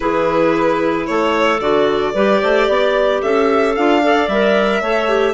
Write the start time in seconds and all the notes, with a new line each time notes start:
0.00 E3 E4 G#4 B4
1.06 A3 A4 C#5
1.59 D3 F#4 D5
2.13 G3 G4 B4
2.41 A3 C5
2.68 B3 D5
3.21 C#4 A4 E5
3.75 D4 F4 F5
4.02 A4 D5
4.27 G3 A#4 E5
4.81 A3 A4 C#5
5.08 G4